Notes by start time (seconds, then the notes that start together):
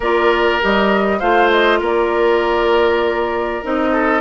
0.00 A#3 F4 A#4 D5
0.61 G3 G4 D#5
1.19 A3 F4 C5 F5
1.50 D#5
1.79 A#3 A#4 D5
3.63 C4 D#4 D#5
3.91 A4